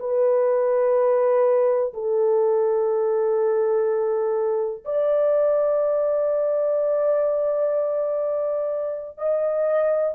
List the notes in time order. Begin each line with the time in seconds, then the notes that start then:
0.00 B4
1.94 A4
4.85 D5
9.18 D#5